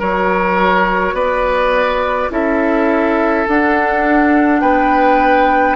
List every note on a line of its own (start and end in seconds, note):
0.00 1.13 F#3
0.00 2.31 F#4
0.00 1.15 A#4
0.00 1.16 C#5
1.13 2.29 B3
1.13 2.30 B4
1.13 2.31 D5
2.31 3.47 C#4
2.31 3.46 E4
2.31 4.62 A4
2.31 3.48 E5
3.48 4.62 D4
3.48 5.76 D4
3.48 4.61 F#5
4.61 5.76 B3
4.61 5.76 B4
4.61 5.76 G5